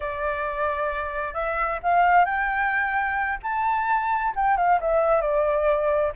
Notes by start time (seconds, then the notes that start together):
0.00 D5
1.34 E5
1.82 F5
2.25 G5
3.43 A5
4.35 G5
4.57 F5
4.80 E5
5.21 D5